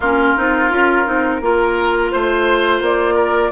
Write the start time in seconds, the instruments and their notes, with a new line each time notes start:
0.00 bassoon A#3, clarinet C#4, oboe F4, flute A#4
0.36 bassoon C4, clarinet D#4
0.70 bassoon C#4, clarinet F4
1.05 bassoon C4, clarinet D#4
1.41 bassoon A#3, clarinet F4, oboe A#4
2.11 bassoon A3, flute C5, oboe C5
2.81 bassoon A#3, flute D5
3.14 oboe A#4